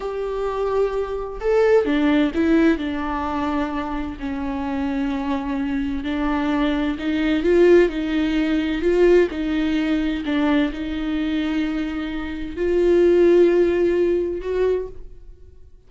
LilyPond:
\new Staff \with { instrumentName = "viola" } { \time 4/4 \tempo 4 = 129 g'2. a'4 | d'4 e'4 d'2~ | d'4 cis'2.~ | cis'4 d'2 dis'4 |
f'4 dis'2 f'4 | dis'2 d'4 dis'4~ | dis'2. f'4~ | f'2. fis'4 | }